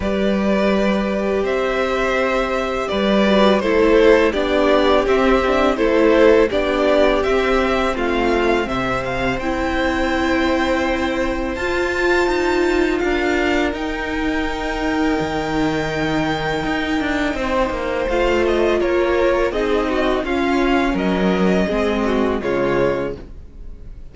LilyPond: <<
  \new Staff \with { instrumentName = "violin" } { \time 4/4 \tempo 4 = 83 d''2 e''2 | d''4 c''4 d''4 e''4 | c''4 d''4 e''4 f''4 | e''8 f''8 g''2. |
a''2 f''4 g''4~ | g''1~ | g''4 f''8 dis''8 cis''4 dis''4 | f''4 dis''2 cis''4 | }
  \new Staff \with { instrumentName = "violin" } { \time 4/4 b'2 c''2 | b'4 a'4 g'2 | a'4 g'2 f'4 | c''1~ |
c''2 ais'2~ | ais'1 | c''2 ais'4 gis'8 fis'8 | f'4 ais'4 gis'8 fis'8 f'4 | }
  \new Staff \with { instrumentName = "viola" } { \time 4/4 g'1~ | g'8 fis'8 e'4 d'4 c'8 d'8 | e'4 d'4 c'2~ | c'4 e'2. |
f'2. dis'4~ | dis'1~ | dis'4 f'2 dis'4 | cis'2 c'4 gis4 | }
  \new Staff \with { instrumentName = "cello" } { \time 4/4 g2 c'2 | g4 a4 b4 c'4 | a4 b4 c'4 a4 | c4 c'2. |
f'4 dis'4 d'4 dis'4~ | dis'4 dis2 dis'8 d'8 | c'8 ais8 a4 ais4 c'4 | cis'4 fis4 gis4 cis4 | }
>>